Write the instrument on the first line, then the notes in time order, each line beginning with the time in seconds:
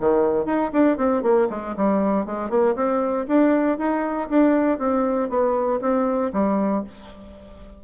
bassoon
0.00 D#3
0.45 D#4
0.73 D4
0.97 C4
1.22 A#3
1.50 G#3
1.76 G3
2.25 G#3
2.49 A#3
2.75 C4
3.28 D4
3.78 D#4
4.29 D4
4.78 C4
5.29 B3
5.81 C4
6.33 G3